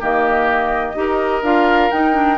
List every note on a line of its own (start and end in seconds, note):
0.00 0.95 D#3
0.00 0.95 A#3
0.00 0.96 G4
0.00 1.44 D#5
0.95 1.43 D#4
0.95 1.43 G4
0.95 2.38 A#4
1.43 1.90 D4
1.43 1.92 F4
1.43 1.91 F5
1.91 2.13 D#4
1.91 2.38 D#4
1.91 2.38 G5
2.13 2.37 D4